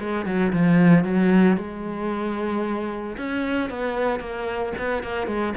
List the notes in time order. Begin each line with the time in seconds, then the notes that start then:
0.00 G#3
0.26 F#3
0.53 F3
1.05 F#3
1.58 G#3
3.18 C#4
3.70 B3
4.20 A#3
4.79 B3
5.03 A#3
5.27 G#3